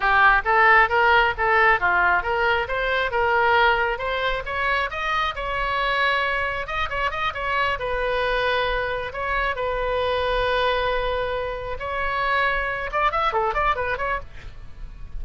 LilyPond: \new Staff \with { instrumentName = "oboe" } { \time 4/4 \tempo 4 = 135 g'4 a'4 ais'4 a'4 | f'4 ais'4 c''4 ais'4~ | ais'4 c''4 cis''4 dis''4 | cis''2. dis''8 cis''8 |
dis''8 cis''4 b'2~ b'8~ | b'8 cis''4 b'2~ b'8~ | b'2~ b'8 cis''4.~ | cis''4 d''8 e''8 a'8 d''8 b'8 cis''8 | }